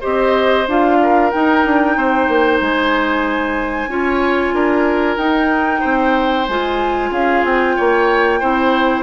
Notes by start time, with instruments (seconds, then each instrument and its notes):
0.00 bassoon C4, clarinet G4, oboe C5, flute D#5
0.67 bassoon D4, clarinet F4, flute F5
1.02 oboe A#4
1.30 clarinet D#4, bassoon D#4, flute G5
1.65 bassoon D4
1.96 bassoon C4, oboe C5
2.28 bassoon A#3
2.60 bassoon G#3, flute G#5
3.87 bassoon C#4, clarinet F4, oboe C#5
4.53 bassoon D4, oboe A#4
5.17 bassoon D#4, clarinet D#4, flute G5
5.80 bassoon C4, oboe C5
6.48 bassoon G#3, clarinet F4, flute G#5
7.10 bassoon C#4, oboe G#4, flute F5
7.44 bassoon C4, flute G5
7.76 bassoon A#3, oboe C#5
8.39 bassoon C4, clarinet E4, oboe C5